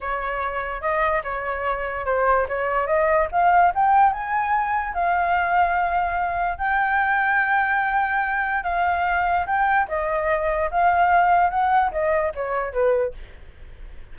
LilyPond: \new Staff \with { instrumentName = "flute" } { \time 4/4 \tempo 4 = 146 cis''2 dis''4 cis''4~ | cis''4 c''4 cis''4 dis''4 | f''4 g''4 gis''2 | f''1 |
g''1~ | g''4 f''2 g''4 | dis''2 f''2 | fis''4 dis''4 cis''4 b'4 | }